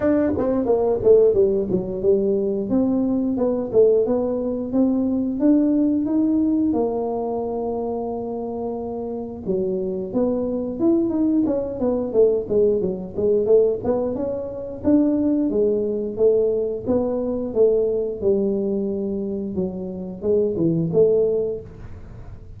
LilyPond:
\new Staff \with { instrumentName = "tuba" } { \time 4/4 \tempo 4 = 89 d'8 c'8 ais8 a8 g8 fis8 g4 | c'4 b8 a8 b4 c'4 | d'4 dis'4 ais2~ | ais2 fis4 b4 |
e'8 dis'8 cis'8 b8 a8 gis8 fis8 gis8 | a8 b8 cis'4 d'4 gis4 | a4 b4 a4 g4~ | g4 fis4 gis8 e8 a4 | }